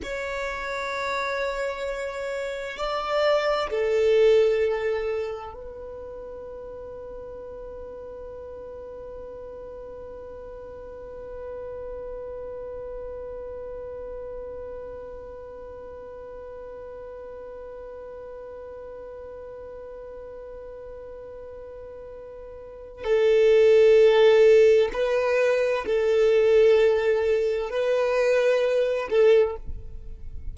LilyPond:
\new Staff \with { instrumentName = "violin" } { \time 4/4 \tempo 4 = 65 cis''2. d''4 | a'2 b'2~ | b'1~ | b'1~ |
b'1~ | b'1~ | b'4 a'2 b'4 | a'2 b'4. a'8 | }